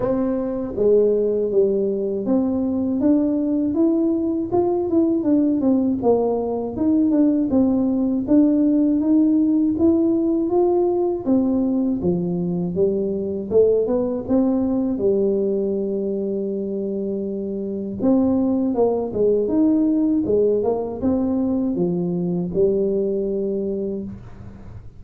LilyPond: \new Staff \with { instrumentName = "tuba" } { \time 4/4 \tempo 4 = 80 c'4 gis4 g4 c'4 | d'4 e'4 f'8 e'8 d'8 c'8 | ais4 dis'8 d'8 c'4 d'4 | dis'4 e'4 f'4 c'4 |
f4 g4 a8 b8 c'4 | g1 | c'4 ais8 gis8 dis'4 gis8 ais8 | c'4 f4 g2 | }